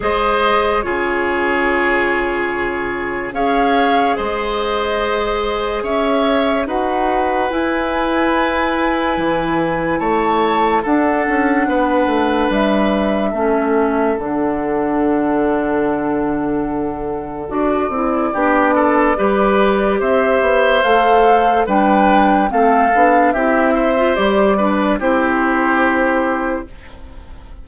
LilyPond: <<
  \new Staff \with { instrumentName = "flute" } { \time 4/4 \tempo 4 = 72 dis''4 cis''2. | f''4 dis''2 e''4 | fis''4 gis''2. | a''4 fis''2 e''4~ |
e''4 fis''2.~ | fis''4 d''2. | e''4 f''4 g''4 f''4 | e''4 d''4 c''2 | }
  \new Staff \with { instrumentName = "oboe" } { \time 4/4 c''4 gis'2. | cis''4 c''2 cis''4 | b'1 | cis''4 a'4 b'2 |
a'1~ | a'2 g'8 a'8 b'4 | c''2 b'4 a'4 | g'8 c''4 b'8 g'2 | }
  \new Staff \with { instrumentName = "clarinet" } { \time 4/4 gis'4 f'2. | gis'1 | fis'4 e'2.~ | e'4 d'2. |
cis'4 d'2.~ | d'4 fis'8 e'8 d'4 g'4~ | g'4 a'4 d'4 c'8 d'8 | e'8. f'16 g'8 d'8 e'2 | }
  \new Staff \with { instrumentName = "bassoon" } { \time 4/4 gis4 cis2. | cis'4 gis2 cis'4 | dis'4 e'2 e4 | a4 d'8 cis'8 b8 a8 g4 |
a4 d2.~ | d4 d'8 c'8 b4 g4 | c'8 b8 a4 g4 a8 b8 | c'4 g4 c'2 | }
>>